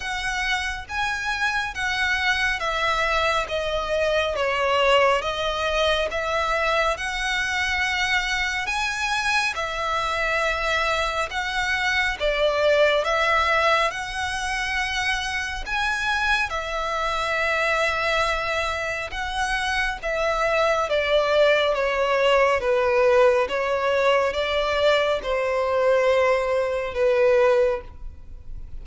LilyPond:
\new Staff \with { instrumentName = "violin" } { \time 4/4 \tempo 4 = 69 fis''4 gis''4 fis''4 e''4 | dis''4 cis''4 dis''4 e''4 | fis''2 gis''4 e''4~ | e''4 fis''4 d''4 e''4 |
fis''2 gis''4 e''4~ | e''2 fis''4 e''4 | d''4 cis''4 b'4 cis''4 | d''4 c''2 b'4 | }